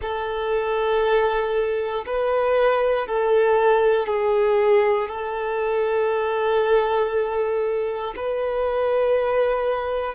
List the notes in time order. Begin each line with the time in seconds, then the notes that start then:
0.01 A4
2.06 B4
3.07 A4
4.07 G#4
5.08 A4
8.16 B4